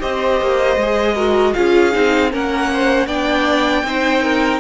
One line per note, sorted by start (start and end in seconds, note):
0.00 0.41 C4
0.00 0.77 G4
0.00 1.14 C5
0.00 1.54 D#5
0.41 0.76 A#3
0.76 1.53 G#3
0.76 1.16 G#4
1.14 1.54 F#4
1.14 1.53 A#4
1.54 1.95 C#4
1.54 1.91 F4
1.54 2.32 G#4
1.54 2.31 F5
1.91 2.33 C4
1.91 2.30 D#4
2.31 3.07 A#3
2.31 3.08 C#4
2.31 2.71 A#4
2.31 3.07 F#5
2.73 3.07 C5
3.07 3.83 B3
3.07 3.85 D4
3.07 3.84 D5
3.07 4.60 G5
3.83 4.60 C4
3.83 4.60 D#4
3.83 4.22 C5
4.22 4.60 A#4